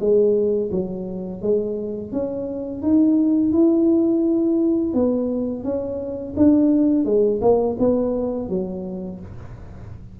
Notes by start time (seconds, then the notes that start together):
0.00 G#3
0.71 F#3
1.41 G#3
2.12 C#4
2.82 D#4
3.52 E4
4.93 B3
5.63 C#4
6.36 D4
7.05 G#3
7.41 A#3
7.79 B3
8.49 F#3